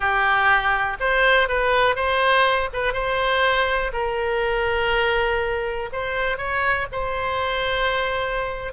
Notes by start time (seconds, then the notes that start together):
0.00 G4
1.00 C5
1.48 B4
1.95 C5
2.73 B4
2.93 C5
3.92 A#4
5.92 C5
6.37 C#5
6.92 C5